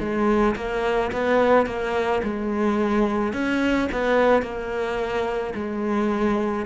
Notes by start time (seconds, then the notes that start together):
0.00 G#3
0.56 A#3
1.13 B3
1.67 A#3
2.24 G#3
3.33 C#4
3.92 B3
4.42 A#3
5.55 G#3